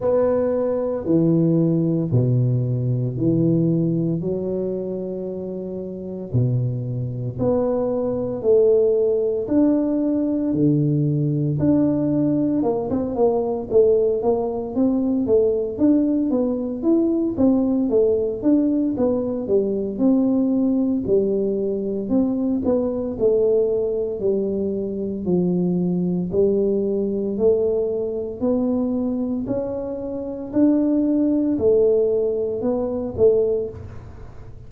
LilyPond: \new Staff \with { instrumentName = "tuba" } { \time 4/4 \tempo 4 = 57 b4 e4 b,4 e4 | fis2 b,4 b4 | a4 d'4 d4 d'4 | ais16 c'16 ais8 a8 ais8 c'8 a8 d'8 b8 |
e'8 c'8 a8 d'8 b8 g8 c'4 | g4 c'8 b8 a4 g4 | f4 g4 a4 b4 | cis'4 d'4 a4 b8 a8 | }